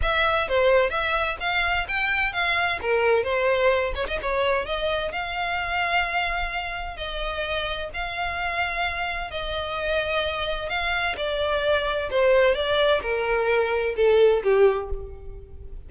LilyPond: \new Staff \with { instrumentName = "violin" } { \time 4/4 \tempo 4 = 129 e''4 c''4 e''4 f''4 | g''4 f''4 ais'4 c''4~ | c''8 cis''16 dis''16 cis''4 dis''4 f''4~ | f''2. dis''4~ |
dis''4 f''2. | dis''2. f''4 | d''2 c''4 d''4 | ais'2 a'4 g'4 | }